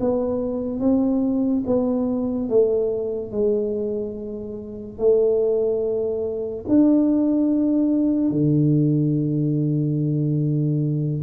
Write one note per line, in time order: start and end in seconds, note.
0.00 0.80 B3
0.80 1.63 C4
1.66 2.49 B3
2.49 3.31 A3
3.31 4.98 G#3
4.98 6.65 A3
6.68 8.31 D4
8.31 11.22 D3